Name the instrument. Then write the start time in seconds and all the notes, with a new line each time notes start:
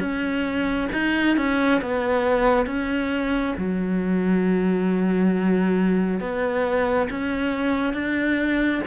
cello
0.00 C#4
0.93 D#4
1.37 C#4
1.81 B3
2.66 C#4
3.58 F#3
6.20 B3
7.10 C#4
7.93 D4